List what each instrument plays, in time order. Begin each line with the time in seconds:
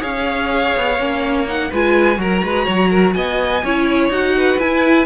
0.00 cello C#4, viola G#4, violin C#5 F5
0.76 cello B3
0.98 cello A#3, viola C#4
1.47 viola D#4, violin F#5
1.70 cello G#3, viola F4, violin B4 G#5
2.15 cello F#3, viola F#4, violin A#4 A#5
2.43 cello G#3, violin B4
2.65 cello F#3, violin C#5
2.89 violin A#4
3.12 cello B3, violin D#5 G#5
3.63 cello C#4, viola E4, violin C#5
4.09 cello D#4, viola F#4, violin F#5
4.36 violin B4
4.59 cello E4, viola E4, violin G#5